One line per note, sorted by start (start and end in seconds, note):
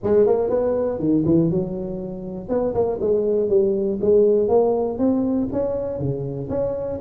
0.03 0.26 G#3
0.26 0.49 A#3
0.49 0.99 B3
0.99 1.24 D#3
1.25 1.50 E3
1.50 2.48 F#3
2.48 2.73 B3
2.74 2.99 A#3
3.00 3.49 G#3
3.49 3.99 G3
4.01 4.48 G#3
4.48 4.98 A#3
4.98 5.48 C4
5.52 5.99 C#4
5.99 6.49 C#3
6.49 6.99 C#4